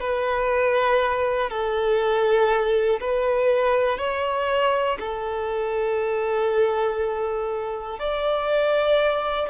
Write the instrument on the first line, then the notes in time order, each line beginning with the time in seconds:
violin
0.00 B4
1.49 A4
3.00 B4
3.98 C#5
4.99 A4
7.99 D5